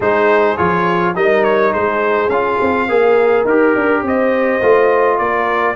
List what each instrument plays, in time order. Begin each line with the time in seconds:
0.00 tuba G#3, trombone D#4, horn G#4, trumpet C5
0.57 tuba F3, trombone F4, trumpet C#5
1.14 tuba G3, trombone D#4, horn A#4, trumpet D#5
1.43 trumpet C#5
1.72 tuba G#3, horn G#4, trumpet C5
2.28 tuba C#4, trombone F4, trumpet F5
2.60 tuba C4
2.88 tuba A#3, trombone G#4, horn A#4
3.45 tuba D#4, trombone G4, trumpet A#4
3.75 tuba D4
4.02 tuba C4, horn C5, trumpet D#5
4.61 tuba A3, trombone F4
5.18 tuba A#3, horn A#4, trumpet D5